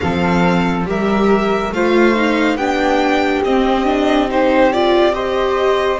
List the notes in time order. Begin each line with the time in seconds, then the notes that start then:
0.00 F3 C4 A4 F5
0.85 G3 G4 A#4 E5
1.71 A3 F4 C5 F5
2.14 D#4
2.55 B3 D4 G4 G5
3.43 C4 D#5
3.85 D4
4.28 D#4 C5
4.72 F4 D5
5.12 G4 C5 D#5